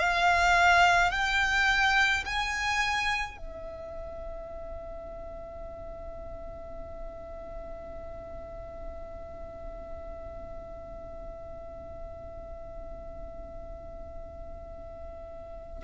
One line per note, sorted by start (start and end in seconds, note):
0.00 1.12 F5
1.12 2.25 G5
2.25 3.38 G#5
3.38 15.83 E5